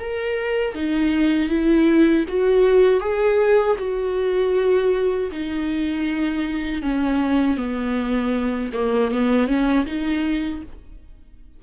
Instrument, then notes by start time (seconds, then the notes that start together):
viola
0.00 A#4
0.75 D#4
1.49 E4
2.29 F#4
3.01 G#4
3.79 F#4
5.32 D#4
6.83 C#4
7.58 B3
8.73 A#3
9.12 B3
9.48 C#4
9.86 D#4